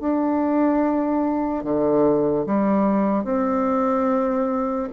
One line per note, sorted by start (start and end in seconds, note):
0.00 1.64 D4
1.64 2.46 D3
2.47 3.25 G3
3.25 4.89 C4